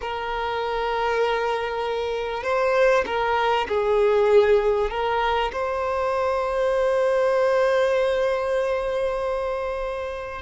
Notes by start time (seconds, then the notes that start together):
0.01 A#4
2.43 C5
3.06 A#4
3.68 G#4
4.90 A#4
5.52 C5